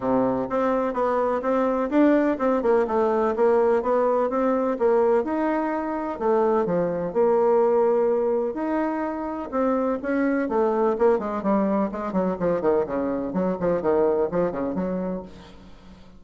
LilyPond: \new Staff \with { instrumentName = "bassoon" } { \time 4/4 \tempo 4 = 126 c4 c'4 b4 c'4 | d'4 c'8 ais8 a4 ais4 | b4 c'4 ais4 dis'4~ | dis'4 a4 f4 ais4~ |
ais2 dis'2 | c'4 cis'4 a4 ais8 gis8 | g4 gis8 fis8 f8 dis8 cis4 | fis8 f8 dis4 f8 cis8 fis4 | }